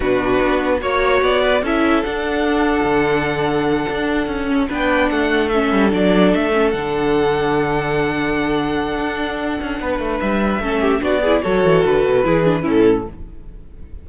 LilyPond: <<
  \new Staff \with { instrumentName = "violin" } { \time 4/4 \tempo 4 = 147 b'2 cis''4 d''4 | e''4 fis''2.~ | fis''2.~ fis''8 g''8~ | g''8 fis''4 e''4 d''4 e''8~ |
e''8 fis''2.~ fis''8~ | fis''1~ | fis''4 e''2 d''4 | cis''4 b'2 a'4 | }
  \new Staff \with { instrumentName = "violin" } { \time 4/4 fis'2 cis''4. b'8 | a'1~ | a'2.~ a'8 b'8~ | b'8 a'2.~ a'8~ |
a'1~ | a'1 | b'2 a'8 g'8 fis'8 gis'8 | a'2 gis'4 e'4 | }
  \new Staff \with { instrumentName = "viola" } { \time 4/4 d'2 fis'2 | e'4 d'2.~ | d'2. cis'8 d'8~ | d'4. cis'4 d'4. |
cis'8 d'2.~ d'8~ | d'1~ | d'2 cis'4 d'8 e'8 | fis'2 e'8 d'8 cis'4 | }
  \new Staff \with { instrumentName = "cello" } { \time 4/4 b,4 b4 ais4 b4 | cis'4 d'2 d4~ | d4. d'4 cis'4 b8~ | b8 a4. g8 fis4 a8~ |
a8 d2.~ d8~ | d2 d'4. cis'8 | b8 a8 g4 a4 b4 | fis8 e8 d8 b,8 e4 a,4 | }
>>